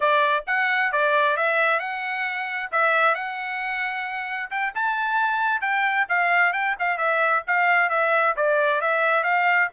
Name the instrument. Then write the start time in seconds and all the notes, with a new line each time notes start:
trumpet
0.00 D5
0.46 F#5
0.92 D5
1.37 E5
1.79 F#5
2.71 E5
3.14 F#5
4.50 G5
4.75 A5
5.61 G5
6.08 F5
6.52 G5
6.79 F5
6.97 E5
7.47 F5
7.89 E5
8.36 D5
8.81 E5
9.23 F5